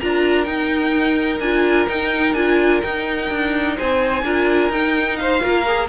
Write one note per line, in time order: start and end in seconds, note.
0.00 0.47 D4
0.00 0.45 F4
0.00 3.77 A#4
0.00 0.44 A#5
0.44 1.40 D#4
0.44 1.39 G5
1.40 1.87 D4
1.40 1.88 F4
1.40 1.87 G#5
1.88 2.35 D#4
1.88 2.34 D#4
1.88 2.34 G5
2.34 2.81 D4
2.34 2.83 F4
2.34 2.81 G#5
2.82 4.25 D#4
2.82 3.31 D#4
2.82 3.77 G5
3.31 3.78 D4
3.77 4.23 C4
3.77 4.24 C5
3.77 4.72 G#5
4.23 4.69 D4
4.23 4.72 F4
4.23 5.19 A#4
4.69 5.40 D#4
4.69 5.41 D#4
4.69 5.17 G5
5.17 5.43 C5
5.17 5.87 F5
5.41 5.89 A#3
5.41 5.64 F4
5.41 5.89 A#4
5.67 5.89 G#4